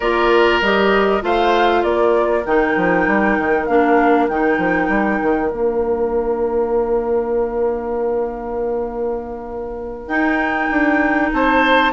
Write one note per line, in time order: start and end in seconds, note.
0.00 0.61 A#3
0.00 0.63 F4
0.00 1.22 A#4
0.00 0.61 D5
0.61 1.22 G3
0.61 1.21 G4
0.61 1.23 D#5
1.21 1.83 A3
1.21 2.43 F4
1.21 1.84 C5
1.21 1.83 F5
1.83 2.44 A#3
1.83 11.33 A#4
1.83 2.44 D5
2.45 2.76 D#3
2.45 3.68 D#4
2.45 3.65 G5
2.76 3.07 F3
3.07 3.37 G3
3.38 3.68 D#3
3.65 4.28 A#3
3.65 4.29 D4
3.65 4.26 F5
4.28 4.58 D#3
4.28 5.51 D#4
4.28 5.50 G5
4.58 4.88 F3
4.88 5.19 G3
5.22 5.51 D#3
5.50 10.07 A#3
5.50 10.09 D4
5.50 10.07 F5
10.07 10.68 D#4
10.07 11.92 D#4
10.07 11.30 G5
10.70 11.32 D4
11.32 11.92 C4
11.32 11.92 C5
11.32 11.92 A5